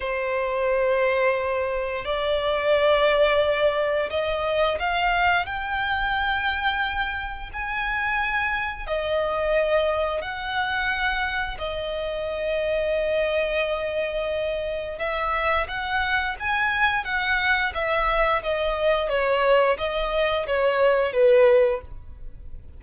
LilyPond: \new Staff \with { instrumentName = "violin" } { \time 4/4 \tempo 4 = 88 c''2. d''4~ | d''2 dis''4 f''4 | g''2. gis''4~ | gis''4 dis''2 fis''4~ |
fis''4 dis''2.~ | dis''2 e''4 fis''4 | gis''4 fis''4 e''4 dis''4 | cis''4 dis''4 cis''4 b'4 | }